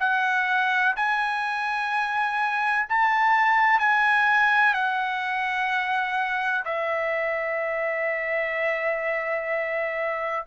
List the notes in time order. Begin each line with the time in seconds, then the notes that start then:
0.00 F#5
0.97 G#5
2.89 A5
3.80 G#5
4.74 F#5
6.65 E5